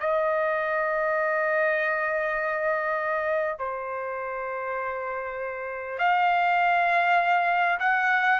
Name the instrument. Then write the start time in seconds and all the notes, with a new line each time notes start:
trumpet
0.00 D#5
3.58 C5
5.98 F5
7.79 F#5